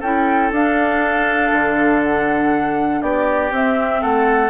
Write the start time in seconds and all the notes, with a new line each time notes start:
0.00 C#4 E4 A4 G5
0.51 D4 F5
1.52 D3
2.04 F#5
3.02 B3 G4 D5
3.51 C4 E5
4.01 A3 A4 F#5